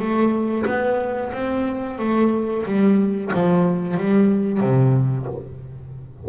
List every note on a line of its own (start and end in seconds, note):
0.00 0.66 A3
0.66 1.32 B3
1.33 1.99 C4
1.99 2.65 A3
2.66 3.32 G3
3.34 3.97 F3
3.97 4.61 G3
4.61 5.27 C3